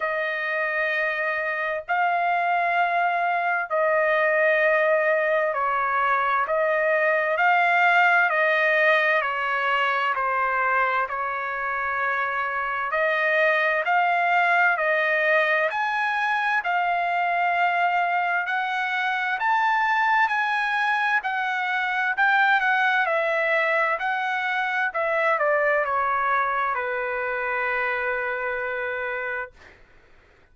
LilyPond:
\new Staff \with { instrumentName = "trumpet" } { \time 4/4 \tempo 4 = 65 dis''2 f''2 | dis''2 cis''4 dis''4 | f''4 dis''4 cis''4 c''4 | cis''2 dis''4 f''4 |
dis''4 gis''4 f''2 | fis''4 a''4 gis''4 fis''4 | g''8 fis''8 e''4 fis''4 e''8 d''8 | cis''4 b'2. | }